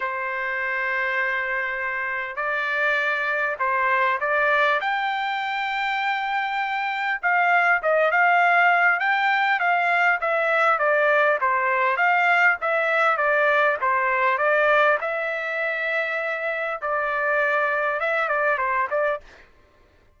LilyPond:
\new Staff \with { instrumentName = "trumpet" } { \time 4/4 \tempo 4 = 100 c''1 | d''2 c''4 d''4 | g''1 | f''4 dis''8 f''4. g''4 |
f''4 e''4 d''4 c''4 | f''4 e''4 d''4 c''4 | d''4 e''2. | d''2 e''8 d''8 c''8 d''8 | }